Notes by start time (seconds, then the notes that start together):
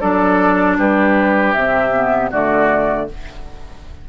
0.00 F#3 D4 A4 D5
0.78 G3 G4 B4
1.53 C3 C4 E5
1.93 B3
2.30 D3 A3 F#4 D5